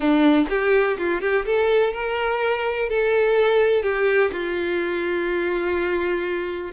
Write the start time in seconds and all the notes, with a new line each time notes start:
0.00 D4
0.49 G4
0.98 F4
1.21 G4
1.45 A4
1.93 A#4
2.89 A4
3.82 G4
4.32 F4